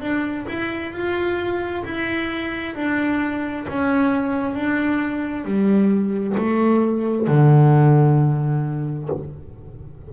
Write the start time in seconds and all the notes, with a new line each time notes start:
0.00 D4
0.48 E4
0.93 F4
1.85 E4
2.75 D4
3.68 C#4
4.55 D4
5.44 G3
6.37 A3
7.27 D3